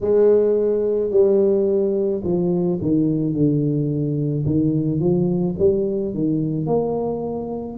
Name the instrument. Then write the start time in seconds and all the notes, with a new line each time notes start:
tuba
0.01 G#3
1.11 G3
2.23 F3
2.81 D#3
3.33 D3
4.45 D#3
4.99 F3
5.58 G3
6.14 D#3
6.66 A#3